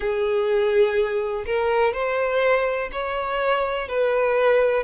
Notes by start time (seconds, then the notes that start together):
0.00 G#4
1.46 A#4
1.93 C5
2.92 C#5
3.88 B4